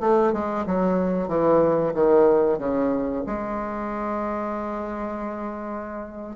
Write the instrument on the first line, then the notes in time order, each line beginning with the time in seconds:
bassoon
0.00 A3
0.33 G#3
0.66 F#3
1.28 E3
1.94 D#3
2.58 C#3
3.27 G#3